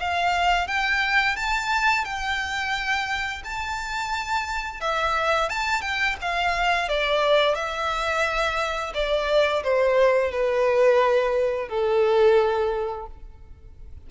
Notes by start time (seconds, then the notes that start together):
0.00 F5
0.67 G5
1.36 A5
2.05 G5
3.45 A5
4.81 E5
5.50 A5
5.82 G5
6.21 F5
6.89 D5
7.55 E5
8.94 D5
9.64 C5
10.31 B4
11.69 A4